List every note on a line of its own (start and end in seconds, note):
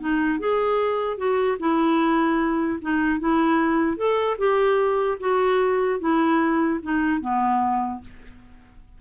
0.00 0.40 D#4
0.40 1.17 G#4
1.17 1.57 F#4
1.59 2.79 E4
2.81 3.20 D#4
3.20 3.97 E4
3.97 4.37 A4
4.38 5.18 G4
5.20 6.00 F#4
6.00 6.80 E4
6.83 7.21 D#4
7.21 8.01 B3